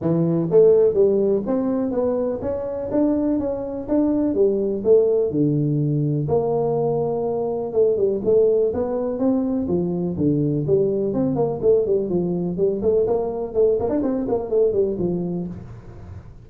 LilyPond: \new Staff \with { instrumentName = "tuba" } { \time 4/4 \tempo 4 = 124 e4 a4 g4 c'4 | b4 cis'4 d'4 cis'4 | d'4 g4 a4 d4~ | d4 ais2. |
a8 g8 a4 b4 c'4 | f4 d4 g4 c'8 ais8 | a8 g8 f4 g8 a8 ais4 | a8 ais16 d'16 c'8 ais8 a8 g8 f4 | }